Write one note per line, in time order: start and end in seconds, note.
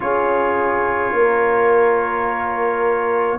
0.00 1.12 C#4
0.00 3.39 F4
0.00 1.16 G#4
0.00 3.39 C#5
1.12 3.38 A#3
1.12 3.39 A#4